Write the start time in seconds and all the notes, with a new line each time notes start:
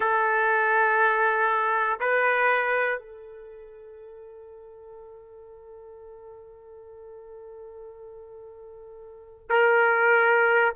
0.00 A4
2.00 B4
2.98 A4
9.49 A#4